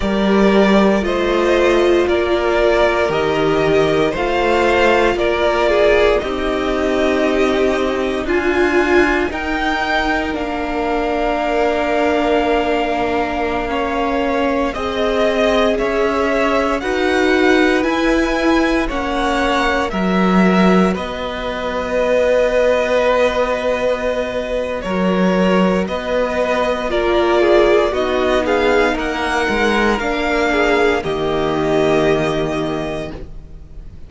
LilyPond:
<<
  \new Staff \with { instrumentName = "violin" } { \time 4/4 \tempo 4 = 58 d''4 dis''4 d''4 dis''4 | f''4 d''4 dis''2 | gis''4 g''4 f''2~ | f''2~ f''16 dis''4 e''8.~ |
e''16 fis''4 gis''4 fis''4 e''8.~ | e''16 dis''2.~ dis''8. | cis''4 dis''4 d''4 dis''8 f''8 | fis''4 f''4 dis''2 | }
  \new Staff \with { instrumentName = "violin" } { \time 4/4 ais'4 c''4 ais'2 | c''4 ais'8 gis'8 g'2 | f'4 ais'2.~ | ais'4~ ais'16 cis''4 dis''4 cis''8.~ |
cis''16 b'2 cis''4 ais'8.~ | ais'16 b'2.~ b'8. | ais'4 b'4 ais'8 gis'8 fis'8 gis'8 | ais'4. gis'8 g'2 | }
  \new Staff \with { instrumentName = "viola" } { \time 4/4 g'4 f'2 g'4 | f'2 dis'2 | f'4 dis'4 d'2~ | d'4~ d'16 cis'4 gis'4.~ gis'16~ |
gis'16 fis'4 e'4 cis'4 fis'8.~ | fis'1~ | fis'2 f'4 dis'4~ | dis'4 d'4 ais2 | }
  \new Staff \with { instrumentName = "cello" } { \time 4/4 g4 a4 ais4 dis4 | a4 ais4 c'2 | d'4 dis'4 ais2~ | ais2~ ais16 c'4 cis'8.~ |
cis'16 dis'4 e'4 ais4 fis8.~ | fis16 b2.~ b8. | fis4 b4 ais4 b4 | ais8 gis8 ais4 dis2 | }
>>